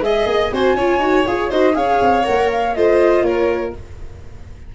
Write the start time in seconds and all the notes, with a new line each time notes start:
0.00 G#3 G#4 D#5 E5
0.26 A#3 D#5
0.52 C4 F#4 C5 G#5
0.74 C#4 F4 C#5
0.98 D#4 F#4
1.26 F4 G#4 C#5
1.49 D#4 F#4 C5 D#5
1.73 C#4 G#4 C#5 F5
2.01 C4
2.23 A#3 A#4 F#5
2.51 F5
2.74 A3 F4 C5 D#5
3.22 A#3 A#4 C#5